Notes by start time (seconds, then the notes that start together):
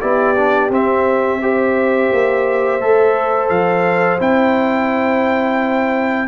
0.00 B3 E4 G4 D5
0.35 D4
0.69 C4 E5
1.41 G4 C5
2.12 A#3
2.80 A3 A4
3.49 F3 F5
4.19 C4 E4 G5